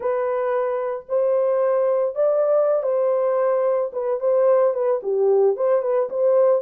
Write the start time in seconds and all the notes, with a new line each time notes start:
0.00 B4
1.08 C5
2.15 D5
2.83 C5
3.93 B4
4.19 C5
4.73 B4
5.02 G4
5.56 C5
5.82 B4
6.09 C5